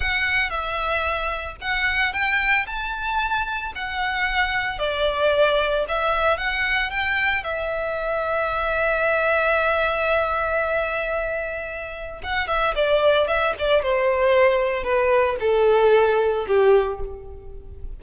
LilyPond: \new Staff \with { instrumentName = "violin" } { \time 4/4 \tempo 4 = 113 fis''4 e''2 fis''4 | g''4 a''2 fis''4~ | fis''4 d''2 e''4 | fis''4 g''4 e''2~ |
e''1~ | e''2. fis''8 e''8 | d''4 e''8 d''8 c''2 | b'4 a'2 g'4 | }